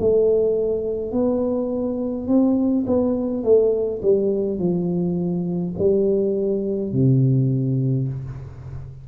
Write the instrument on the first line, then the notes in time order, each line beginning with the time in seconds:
tuba
0.00 A3
1.12 B3
2.28 C4
2.87 B3
3.44 A3
4.03 G3
4.59 F3
5.79 G3
6.93 C3